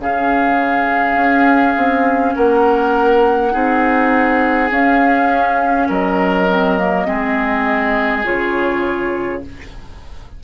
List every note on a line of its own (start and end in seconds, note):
0.00 1.16 C#3
0.00 3.52 C#4
0.00 2.36 G#4
0.00 2.35 F5
1.16 1.75 C#4
1.77 2.36 C4
2.35 3.55 A#3
2.35 3.53 A#4
2.35 4.71 F#5
3.52 4.71 C4
3.52 4.70 D#4
3.52 5.88 G#4
4.71 5.89 C#4
4.71 6.50 C#4
4.71 5.90 F5
5.89 7.08 F#3
5.89 7.07 A#4
5.89 8.25 D#5
6.50 6.79 C4
6.79 7.06 A#3
7.06 8.26 G#3
7.06 8.24 C4
7.06 9.43 G#4
8.24 9.44 C#3
8.24 9.42 F4
8.24 9.42 C#5